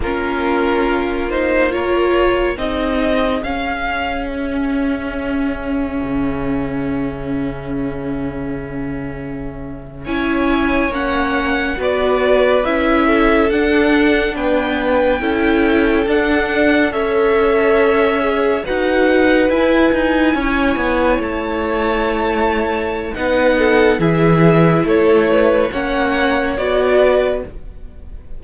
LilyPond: <<
  \new Staff \with { instrumentName = "violin" } { \time 4/4 \tempo 4 = 70 ais'4. c''8 cis''4 dis''4 | f''4 e''2.~ | e''2.~ e''8. gis''16~ | gis''8. fis''4 d''4 e''4 fis''16~ |
fis''8. g''2 fis''4 e''16~ | e''4.~ e''16 fis''4 gis''4~ gis''16~ | gis''8. a''2~ a''16 fis''4 | e''4 cis''4 fis''4 d''4 | }
  \new Staff \with { instrumentName = "violin" } { \time 4/4 f'2 ais'4 gis'4~ | gis'1~ | gis'2.~ gis'8. cis''16~ | cis''4.~ cis''16 b'4. a'8.~ |
a'8. b'4 a'2 cis''16~ | cis''4.~ cis''16 b'2 cis''16~ | cis''2. b'8 a'8 | gis'4 a'8 b'8 cis''4. b'8 | }
  \new Staff \with { instrumentName = "viola" } { \time 4/4 cis'4. dis'8 f'4 dis'4 | cis'1~ | cis'2.~ cis'8. e'16~ | e'8. cis'4 fis'4 e'4 d'16~ |
d'4.~ d'16 e'4 d'4 a'16~ | a'4~ a'16 gis'8 fis'4 e'4~ e'16~ | e'2. dis'4 | e'2 cis'4 fis'4 | }
  \new Staff \with { instrumentName = "cello" } { \time 4/4 ais2. c'4 | cis'2. cis4~ | cis2.~ cis8. cis'16~ | cis'8. ais4 b4 cis'4 d'16~ |
d'8. b4 cis'4 d'4 cis'16~ | cis'4.~ cis'16 dis'4 e'8 dis'8 cis'16~ | cis'16 b8 a2~ a16 b4 | e4 a4 ais4 b4 | }
>>